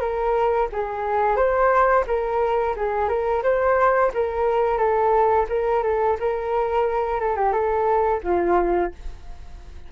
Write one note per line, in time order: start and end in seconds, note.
0.00 0.68 A#4
0.72 1.36 G#4
1.36 2.04 C5
2.07 2.75 A#4
2.76 3.08 G#4
3.08 3.42 A#4
3.43 4.11 C5
4.14 4.78 A#4
4.78 5.46 A4
5.49 5.83 A#4
5.83 6.17 A4
6.20 7.20 A#4
7.20 7.36 A4
7.36 7.52 G4
7.52 8.21 A4
8.23 8.92 F4